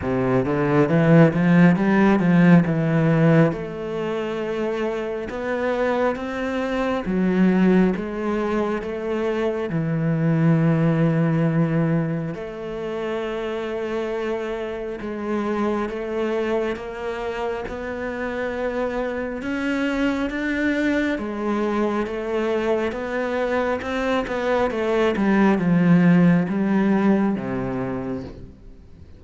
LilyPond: \new Staff \with { instrumentName = "cello" } { \time 4/4 \tempo 4 = 68 c8 d8 e8 f8 g8 f8 e4 | a2 b4 c'4 | fis4 gis4 a4 e4~ | e2 a2~ |
a4 gis4 a4 ais4 | b2 cis'4 d'4 | gis4 a4 b4 c'8 b8 | a8 g8 f4 g4 c4 | }